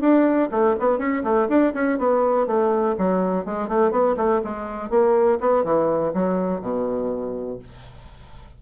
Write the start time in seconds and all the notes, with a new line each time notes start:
0.00 D4
0.51 A3
0.79 B3
0.98 C#4
1.23 A3
1.48 D4
1.74 C#4
1.98 B3
2.46 A3
2.98 F#3
3.45 G#3
3.68 A3
3.91 B3
4.17 A3
4.44 G#3
4.89 A#3
5.40 B3
5.64 E3
6.14 F#3
6.61 B2